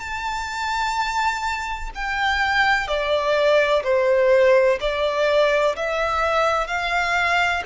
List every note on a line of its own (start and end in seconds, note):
0.00 1.90 A5
1.95 2.87 G5
2.87 3.83 D5
3.84 4.79 C5
4.80 5.75 D5
5.76 6.67 E5
6.67 7.62 F5